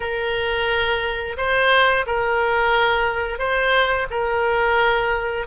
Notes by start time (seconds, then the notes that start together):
0.00 A#4
1.37 C5
2.06 A#4
3.38 C5
4.10 A#4